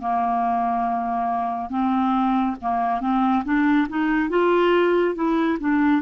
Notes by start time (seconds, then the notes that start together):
0.00 A#3
1.70 C4
2.61 A#3
3.01 C4
3.44 D4
3.89 D#4
4.29 F4
5.15 E4
5.60 D4